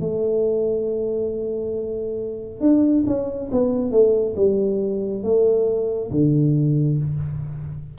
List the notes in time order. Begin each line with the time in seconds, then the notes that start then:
0.00 A3
2.60 D4
3.06 C#4
3.51 B3
3.91 A3
4.36 G3
5.23 A3
6.11 D3